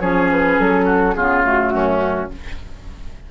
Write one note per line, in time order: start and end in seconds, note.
0.00 0.58 F3
0.00 1.16 C#4
0.00 0.86 G#4
0.00 0.29 C#5
0.32 0.60 B4
0.60 1.16 F#3
0.60 1.15 A4
0.86 1.14 F#4
1.15 1.73 C#3
1.15 1.43 B3
1.15 1.73 F4
1.15 1.44 G#4
1.43 2.29 A3
1.43 2.31 F#4
1.73 2.31 F#2
1.73 2.30 C#4